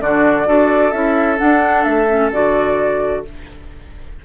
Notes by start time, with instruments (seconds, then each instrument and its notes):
0.00 bassoon D3, clarinet D4, oboe F#4, flute D5
0.46 bassoon D4, clarinet F#4, oboe A4
0.91 bassoon C#4, clarinet E4, flute E5
1.37 clarinet D4, bassoon D4, flute F#5
1.84 bassoon A3, flute E5
2.08 clarinet C#4
2.32 bassoon D3, clarinet F#4, flute D5